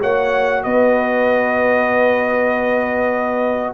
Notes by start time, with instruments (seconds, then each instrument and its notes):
0.00 tuba A#3, trombone F#4, horn C#5, trumpet F#5
0.63 tuba B3, horn B4, trumpet D#5